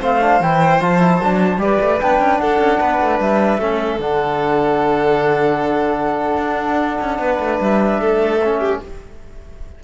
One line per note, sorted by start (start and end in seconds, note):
0.00 0.40 A3
0.00 0.21 C4
0.00 1.60 C5
0.00 0.42 F5
0.21 0.41 D4
0.40 0.80 E3
0.40 0.80 E4
0.40 0.82 G5
0.80 1.20 F3
0.80 0.99 F4
0.80 1.60 A5
0.99 1.19 E4
1.20 1.58 F#3
1.20 1.58 D4
1.58 1.78 G3
1.58 1.98 G4
1.58 2.41 B4
1.58 2.00 D5
1.81 2.01 A3
2.01 2.19 B3
2.01 3.60 D4
2.01 2.38 G5
2.19 2.39 C#4
2.38 2.58 D4
2.38 2.80 A4
2.38 3.18 F#5
2.58 2.78 C#4
2.80 3.00 B3
2.80 3.60 B4
3.00 3.19 A3
3.19 3.57 G3
3.19 4.00 E5
3.57 3.97 A3
3.57 4.00 C#4
3.57 7.20 A4
3.99 6.37 D3
3.99 8.40 D4
3.99 7.60 F#5
6.37 6.97 D4
7.01 7.18 C#4
7.18 7.38 B3
7.18 8.00 B4
7.39 7.59 A3
7.60 7.99 G3
7.60 8.80 E5
7.99 8.79 A3
7.99 8.59 A4
8.43 8.83 C#4
8.59 8.79 G4